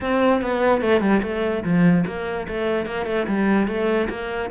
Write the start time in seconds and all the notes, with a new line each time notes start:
0.01 C4
0.41 B3
0.81 A3
1.01 G3
1.22 A3
1.63 F3
2.06 A#3
2.47 A3
2.86 A#3
3.06 A3
3.27 G3
3.67 A3
4.09 A#3